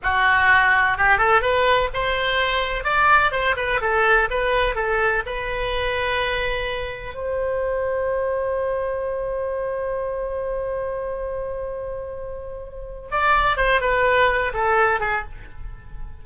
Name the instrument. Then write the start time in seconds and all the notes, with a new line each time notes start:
oboe
0.02 F#4
0.97 G4
1.18 A4
1.41 B4
1.93 C5
2.83 D5
3.31 C5
3.56 B4
3.81 A4
4.30 B4
4.75 A4
5.26 B4
7.14 C5
13.11 D5
13.56 C5
13.81 B4
14.53 A4
14.99 G#4